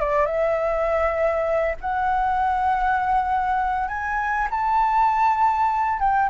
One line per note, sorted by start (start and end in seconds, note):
0.00 0.25 D5
0.25 1.75 E5
1.81 3.88 F#5
3.88 4.48 G#5
4.51 5.99 A5
5.99 6.29 G5